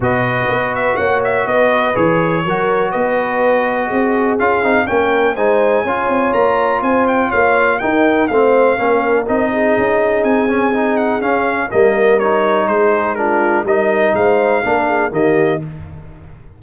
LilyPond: <<
  \new Staff \with { instrumentName = "trumpet" } { \time 4/4 \tempo 4 = 123 dis''4. e''8 fis''8 e''8 dis''4 | cis''2 dis''2~ | dis''4 f''4 g''4 gis''4~ | gis''4 ais''4 gis''8 g''8 f''4 |
g''4 f''2 dis''4~ | dis''4 gis''4. fis''8 f''4 | dis''4 cis''4 c''4 ais'4 | dis''4 f''2 dis''4 | }
  \new Staff \with { instrumentName = "horn" } { \time 4/4 b'2 cis''4 b'4~ | b'4 ais'4 b'2 | gis'2 ais'4 c''4 | cis''2 c''4 cis''4 |
ais'4 c''4 ais'4. gis'8~ | gis'1 | ais'2 gis'4 f'4 | ais'4 c''4 ais'8 gis'8 g'4 | }
  \new Staff \with { instrumentName = "trombone" } { \time 4/4 fis'1 | gis'4 fis'2.~ | fis'4 f'8 dis'8 cis'4 dis'4 | f'1 |
dis'4 c'4 cis'4 dis'4~ | dis'4. cis'8 dis'4 cis'4 | ais4 dis'2 d'4 | dis'2 d'4 ais4 | }
  \new Staff \with { instrumentName = "tuba" } { \time 4/4 b,4 b4 ais4 b4 | e4 fis4 b2 | c'4 cis'8 c'8 ais4 gis4 | cis'8 c'8 ais4 c'4 ais4 |
dis'4 a4 ais4 c'4 | cis'4 c'2 cis'4 | g2 gis2 | g4 gis4 ais4 dis4 | }
>>